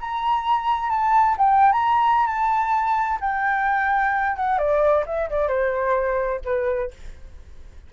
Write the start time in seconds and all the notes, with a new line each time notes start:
0.00 A#5
0.90 A5
1.38 G5
1.72 A#5
2.27 A5
3.21 G5
4.36 F#5
4.58 D5
5.06 E5
5.30 D5
5.48 C5
6.45 B4